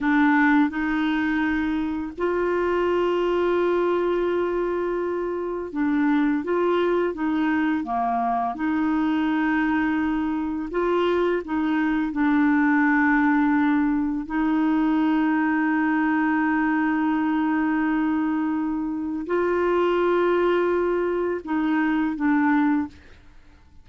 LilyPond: \new Staff \with { instrumentName = "clarinet" } { \time 4/4 \tempo 4 = 84 d'4 dis'2 f'4~ | f'1 | d'4 f'4 dis'4 ais4 | dis'2. f'4 |
dis'4 d'2. | dis'1~ | dis'2. f'4~ | f'2 dis'4 d'4 | }